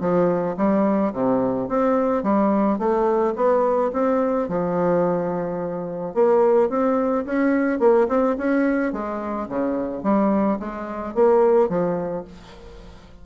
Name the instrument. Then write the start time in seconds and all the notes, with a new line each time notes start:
bassoon
0.00 F3
0.57 G3
1.13 C3
1.68 C4
2.23 G3
2.78 A3
3.36 B3
3.93 C4
4.48 F3
6.14 A#3
6.69 C4
7.25 C#4
7.79 A#3
8.08 C4
8.38 C#4
8.92 G#3
9.48 C#3
10.03 G3
10.59 G#3
11.14 A#3
11.69 F3